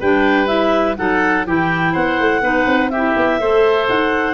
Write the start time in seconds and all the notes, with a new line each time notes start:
0.00 G3 D4 B4 G5
0.47 E4 E5
0.97 F#3 D#4 A4 F#5
1.46 E3 E4 G4 G5
1.93 B3 C5 F#5
2.20 A3
2.42 B3 D#4 B4
2.66 C4
2.90 G4 E5
2.97 E4
3.16 B3
3.40 A3 A4 C5
3.89 D#4 F#5